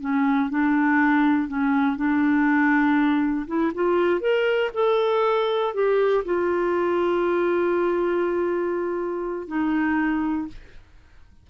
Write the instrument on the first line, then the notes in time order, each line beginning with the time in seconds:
clarinet
0.00 C#4
0.49 D4
1.47 C#4
1.96 D4
3.47 E4
3.74 F4
4.20 A#4
4.73 A4
5.74 G4
6.24 F4
9.47 D#4